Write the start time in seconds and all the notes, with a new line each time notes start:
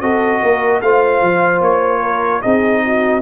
0.00 C4 F#4 A4 D#5
0.42 A#3 A#4
0.81 A3 F4 C5 F5
1.21 F3
1.61 A#3 C#5
2.01 A#4
2.41 C4 D#4 G#4 D#5
2.85 F#4